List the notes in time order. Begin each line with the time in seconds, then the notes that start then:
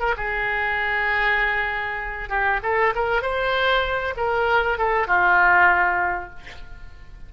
0.00 A#4
0.18 G#4
2.30 G4
2.64 A4
2.96 A#4
3.23 C5
4.17 A#4
4.78 A4
5.08 F4